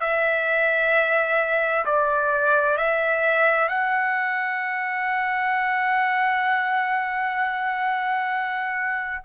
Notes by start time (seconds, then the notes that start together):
0.00 E5
1.85 D5
2.77 E5
3.68 F#5